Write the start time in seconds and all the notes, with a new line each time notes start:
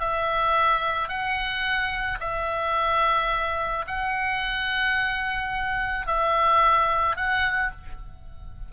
0.00 E5
1.09 F#5
2.20 E5
3.87 F#5
6.07 E5
7.16 F#5